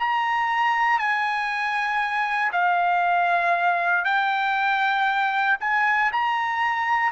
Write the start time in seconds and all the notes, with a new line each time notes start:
0.00 A#5
0.99 G#5
2.53 F5
4.05 G5
5.61 G#5
6.12 A#5